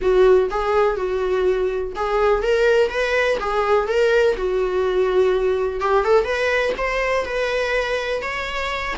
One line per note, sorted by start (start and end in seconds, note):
0.01 0.49 F#4
0.50 0.96 G#4
0.96 1.93 F#4
1.95 2.42 G#4
2.42 2.89 A#4
2.89 3.38 B4
3.39 3.87 G#4
3.87 4.35 A#4
4.37 5.80 F#4
5.80 6.04 G4
6.04 6.24 A4
6.24 6.73 B4
6.77 7.25 C5
7.25 8.21 B4
8.22 8.94 C#5